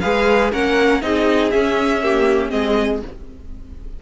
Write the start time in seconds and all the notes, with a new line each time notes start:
0.00 G#3 G#4 B4 F5
0.51 A#3 C#4 A#4 F#5
1.01 C4 D#4 G#4 D#5
1.51 C#4 E5
2.02 A#3 G4
2.49 G#3 C4 G#4 D#5